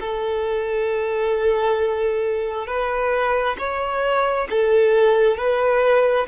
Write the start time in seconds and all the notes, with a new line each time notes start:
0.00 A4
2.67 B4
3.59 C#5
4.50 A4
5.37 B4